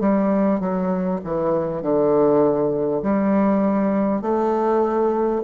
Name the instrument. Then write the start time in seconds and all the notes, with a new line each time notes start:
bassoon
0.00 G3
0.60 F#3
1.24 E3
1.82 D3
3.02 G3
4.22 A3